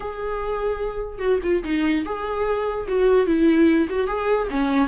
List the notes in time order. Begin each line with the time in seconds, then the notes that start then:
0.00 G#4
1.19 F#4
1.42 F4
1.63 D#4
2.05 G#4
2.88 F#4
3.26 E4
3.89 F#4
4.07 G#4
4.50 C#4